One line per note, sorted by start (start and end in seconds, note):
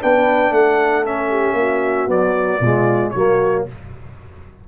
0.00 0.50 B3
0.00 1.05 D4
0.00 0.50 B4
0.00 0.53 G5
0.50 1.53 A3
0.50 1.29 A4
0.50 1.05 F#5
1.05 2.08 C#4
1.05 2.10 E5
1.30 1.56 G4
1.53 2.05 A#3
1.60 2.60 F#4
2.07 2.61 F#3
2.07 2.59 B3
2.07 3.10 D5
2.60 3.12 B2
2.60 3.16 G#3
2.60 3.12 F4
3.10 3.67 F#3
3.10 3.68 A#3
3.10 3.66 F#4
3.10 3.62 C#5